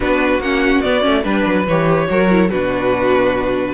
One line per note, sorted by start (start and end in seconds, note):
0.00 0.38 B3
0.00 0.41 D4
0.00 1.23 F#4
0.00 0.41 B4
0.38 0.80 A#3
0.38 0.84 C#4
0.38 0.81 F#5
0.81 1.01 B3
0.81 1.05 B3
0.81 1.23 D5
1.01 1.24 A3
1.01 1.22 C#4
1.23 1.45 G3
1.23 1.65 D4
1.23 2.06 B4
1.23 1.66 B4
1.46 1.66 F#3
1.67 2.08 E3
1.67 2.08 G4
1.67 2.50 C#5
2.08 2.51 F#3
2.08 2.29 F#4
2.08 2.49 A#4
2.30 2.50 E4
2.49 3.74 B2
2.49 3.74 D4
2.49 3.74 F#4
2.49 3.74 B4